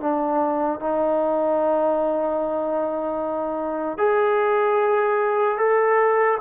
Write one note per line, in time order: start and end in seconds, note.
0.00 0.80 D4
0.80 3.98 D#4
3.98 5.57 G#4
5.57 6.37 A4